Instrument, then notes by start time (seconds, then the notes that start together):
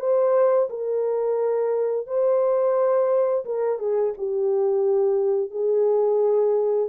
horn
0.00 C5
0.70 A#4
2.07 C5
3.46 A#4
3.79 G#4
4.18 G4
5.51 G#4